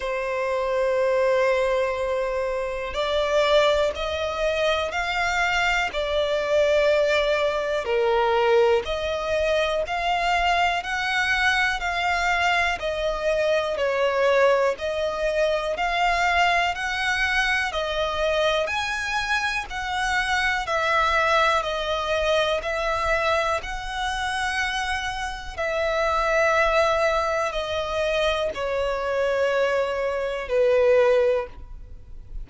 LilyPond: \new Staff \with { instrumentName = "violin" } { \time 4/4 \tempo 4 = 61 c''2. d''4 | dis''4 f''4 d''2 | ais'4 dis''4 f''4 fis''4 | f''4 dis''4 cis''4 dis''4 |
f''4 fis''4 dis''4 gis''4 | fis''4 e''4 dis''4 e''4 | fis''2 e''2 | dis''4 cis''2 b'4 | }